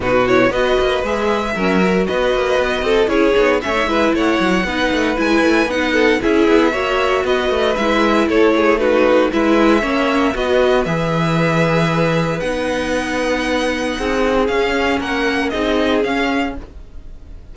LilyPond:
<<
  \new Staff \with { instrumentName = "violin" } { \time 4/4 \tempo 4 = 116 b'8 cis''8 dis''4 e''2 | dis''2 cis''4 e''4 | fis''2 gis''4 fis''4 | e''2 dis''4 e''4 |
cis''4 b'4 e''2 | dis''4 e''2. | fis''1 | f''4 fis''4 dis''4 f''4 | }
  \new Staff \with { instrumentName = "violin" } { \time 4/4 fis'4 b'2 ais'4 | b'4. a'8 gis'4 cis''8 b'8 | cis''4 b'2~ b'8 a'8 | gis'4 cis''4 b'2 |
a'8 gis'8 fis'4 b'4 cis''4 | b'1~ | b'2. gis'4~ | gis'4 ais'4 gis'2 | }
  \new Staff \with { instrumentName = "viola" } { \time 4/4 dis'8 e'8 fis'4 gis'4 cis'8 fis'8~ | fis'2 e'8 dis'8 cis'16 dis'16 e'8~ | e'4 dis'4 e'4 dis'4 | e'4 fis'2 e'4~ |
e'4 dis'4 e'4 cis'4 | fis'4 gis'2. | dis'1 | cis'2 dis'4 cis'4 | }
  \new Staff \with { instrumentName = "cello" } { \time 4/4 b,4 b8 ais8 gis4 fis4 | b8 ais8 b8 c'8 cis'8 b8 a8 gis8 | a8 fis8 b8 a8 gis8 a8 b4 | cis'8 b8 ais4 b8 a8 gis4 |
a2 gis4 ais4 | b4 e2. | b2. c'4 | cis'4 ais4 c'4 cis'4 | }
>>